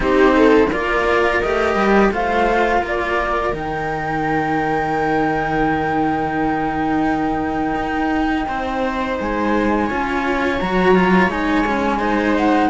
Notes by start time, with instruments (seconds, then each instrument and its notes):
0.00 cello C4 D#4, viola G4, flute C5
0.35 viola A4
0.68 cello A#3 F4, viola A#4, flute D5
1.40 cello A3 G4, flute D#5
1.75 cello G3
2.11 cello A3 F4, viola C5, flute F5
2.81 cello A#3, viola A#4, flute D5
3.52 cello D#3 D#4, flute G5
7.74 cello D#4
8.47 cello C4, viola C5
9.19 cello G#3, flute G#5
9.86 cello C#4 F4, viola C#5
10.59 cello F#3 F#4, flute A#5
10.94 cello F4
11.27 cello G#3 D#4, flute G#5
11.66 cello C#4
11.99 cello D#4, viola C5
12.36 flute F#5